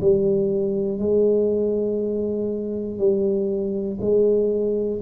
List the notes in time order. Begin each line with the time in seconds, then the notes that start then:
0.00 G3
0.99 G#3
2.98 G3
4.00 G#3